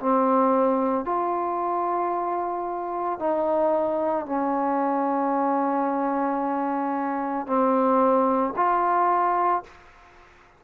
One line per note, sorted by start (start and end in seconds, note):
0.00 1.05 C4
1.05 3.19 F4
3.20 4.26 D#4
4.26 7.47 C#4
7.47 8.54 C4
8.57 9.64 F4